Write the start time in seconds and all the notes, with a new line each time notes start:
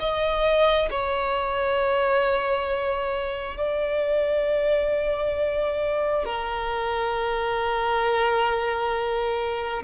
0.00 D#5
0.90 C#5
3.57 D5
6.25 A#4